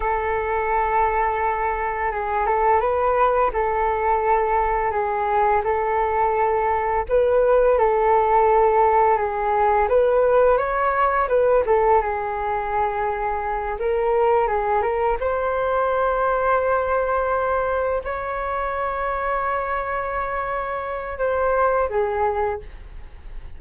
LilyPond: \new Staff \with { instrumentName = "flute" } { \time 4/4 \tempo 4 = 85 a'2. gis'8 a'8 | b'4 a'2 gis'4 | a'2 b'4 a'4~ | a'4 gis'4 b'4 cis''4 |
b'8 a'8 gis'2~ gis'8 ais'8~ | ais'8 gis'8 ais'8 c''2~ c''8~ | c''4. cis''2~ cis''8~ | cis''2 c''4 gis'4 | }